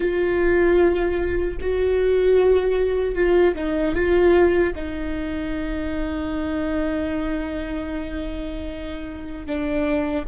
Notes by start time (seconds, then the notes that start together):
0.00 F4
1.60 F#4
3.15 F4
3.55 D#4
3.94 F4
4.75 D#4
9.46 D4